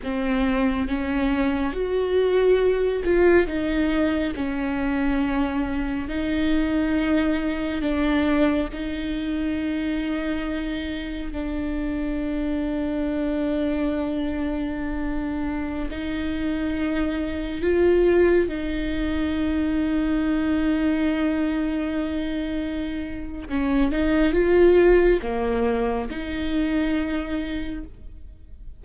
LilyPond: \new Staff \with { instrumentName = "viola" } { \time 4/4 \tempo 4 = 69 c'4 cis'4 fis'4. f'8 | dis'4 cis'2 dis'4~ | dis'4 d'4 dis'2~ | dis'4 d'2.~ |
d'2~ d'16 dis'4.~ dis'16~ | dis'16 f'4 dis'2~ dis'8.~ | dis'2. cis'8 dis'8 | f'4 ais4 dis'2 | }